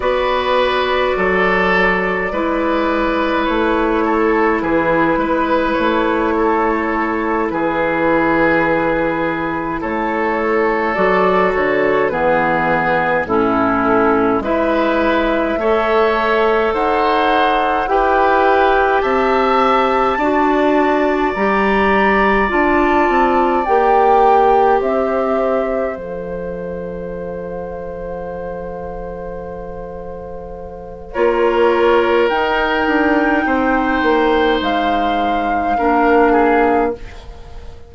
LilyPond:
<<
  \new Staff \with { instrumentName = "flute" } { \time 4/4 \tempo 4 = 52 d''2. cis''4 | b'4 cis''4. b'4.~ | b'8 cis''4 d''8 cis''8 b'4 a'8~ | a'8 e''2 fis''4 g''8~ |
g''8 a''2 ais''4 a''8~ | a''8 g''4 e''4 f''4.~ | f''2. cis''4 | g''2 f''2 | }
  \new Staff \with { instrumentName = "oboe" } { \time 4/4 b'4 a'4 b'4. a'8 | gis'8 b'4 a'4 gis'4.~ | gis'8 a'2 gis'4 e'8~ | e'8 b'4 cis''4 c''4 b'8~ |
b'8 e''4 d''2~ d''8~ | d''4. c''2~ c''8~ | c''2. ais'4~ | ais'4 c''2 ais'8 gis'8 | }
  \new Staff \with { instrumentName = "clarinet" } { \time 4/4 fis'2 e'2~ | e'1~ | e'4. fis'4 b4 cis'8~ | cis'8 e'4 a'2 g'8~ |
g'4. fis'4 g'4 f'8~ | f'8 g'2 a'4.~ | a'2. f'4 | dis'2. d'4 | }
  \new Staff \with { instrumentName = "bassoon" } { \time 4/4 b4 fis4 gis4 a4 | e8 gis8 a4. e4.~ | e8 a4 fis8 d8 e4 a,8~ | a,8 gis4 a4 dis'4 e'8~ |
e'8 c'4 d'4 g4 d'8 | c'8 ais4 c'4 f4.~ | f2. ais4 | dis'8 d'8 c'8 ais8 gis4 ais4 | }
>>